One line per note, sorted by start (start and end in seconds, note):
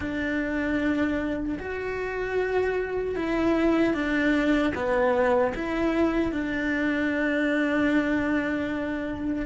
0.00 1.58 D4
1.58 3.15 F#4
3.15 3.94 E4
3.94 4.73 D4
4.74 5.53 B3
5.54 6.32 E4
6.32 9.45 D4